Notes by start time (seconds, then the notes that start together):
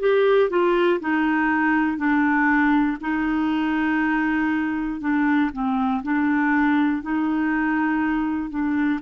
0.00 G4
0.50 F4
1.00 D#4
1.97 D4
3.01 D#4
5.00 D4
5.53 C4
6.03 D4
7.02 D#4
8.50 D4